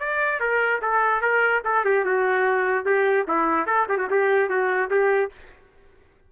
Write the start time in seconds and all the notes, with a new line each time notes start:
0.00 D5
0.40 A#4
0.82 A4
1.22 A#4
1.65 A4
1.85 G4
2.05 F#4
2.86 G4
3.28 E4
3.67 A4
3.89 G4
3.98 F#4
4.11 G4
4.50 F#4
4.91 G4